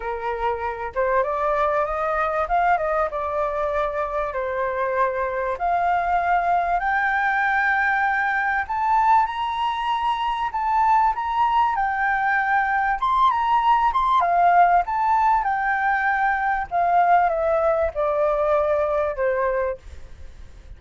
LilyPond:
\new Staff \with { instrumentName = "flute" } { \time 4/4 \tempo 4 = 97 ais'4. c''8 d''4 dis''4 | f''8 dis''8 d''2 c''4~ | c''4 f''2 g''4~ | g''2 a''4 ais''4~ |
ais''4 a''4 ais''4 g''4~ | g''4 c'''8 ais''4 c'''8 f''4 | a''4 g''2 f''4 | e''4 d''2 c''4 | }